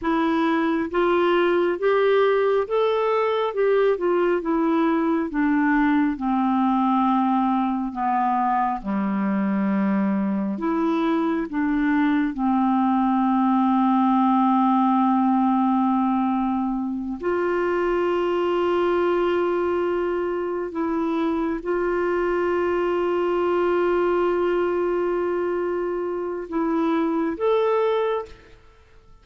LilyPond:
\new Staff \with { instrumentName = "clarinet" } { \time 4/4 \tempo 4 = 68 e'4 f'4 g'4 a'4 | g'8 f'8 e'4 d'4 c'4~ | c'4 b4 g2 | e'4 d'4 c'2~ |
c'2.~ c'8 f'8~ | f'2.~ f'8 e'8~ | e'8 f'2.~ f'8~ | f'2 e'4 a'4 | }